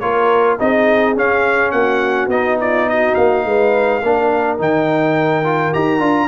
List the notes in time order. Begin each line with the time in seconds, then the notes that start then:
0.00 A#3 F4 A#4 C#5
0.60 C4 D#4 G#4 D#5
1.16 C#4 F5
1.72 A#3 F#4 F#5
2.28 B3 D#4 D#5
2.60 F4 D5
2.89 F#4 D#5
3.15 A#3 F5
3.45 G#3 B4
4.02 A#3 D4 A#4
4.58 D#3 D#4 G5
5.44 F4
5.73 D#4 G4 A#5
6.00 D4 F4